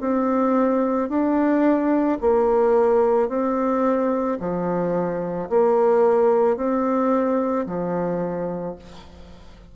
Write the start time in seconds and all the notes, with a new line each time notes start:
0.00 C4
1.09 D4
2.21 A#3
3.29 C4
4.40 F3
5.49 A#3
6.57 C4
7.66 F3